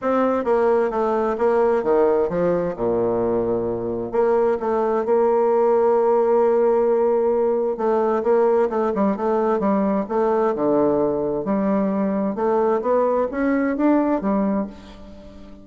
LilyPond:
\new Staff \with { instrumentName = "bassoon" } { \time 4/4 \tempo 4 = 131 c'4 ais4 a4 ais4 | dis4 f4 ais,2~ | ais,4 ais4 a4 ais4~ | ais1~ |
ais4 a4 ais4 a8 g8 | a4 g4 a4 d4~ | d4 g2 a4 | b4 cis'4 d'4 g4 | }